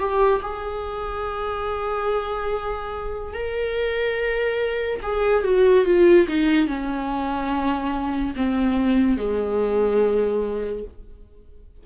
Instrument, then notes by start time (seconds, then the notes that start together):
viola
0.00 G4
0.43 G#4
3.34 A#4
5.03 G#4
5.45 F#4
5.86 F4
6.29 D#4
6.68 C#4
8.37 C4
9.18 G#3